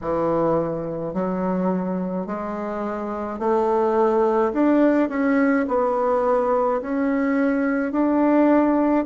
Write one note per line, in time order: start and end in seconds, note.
0.01 1.13 E3
1.13 2.26 F#3
2.26 3.39 G#3
3.39 4.52 A3
4.52 5.09 D4
5.09 5.66 C#4
5.68 6.81 B3
6.81 7.92 C#4
7.92 9.05 D4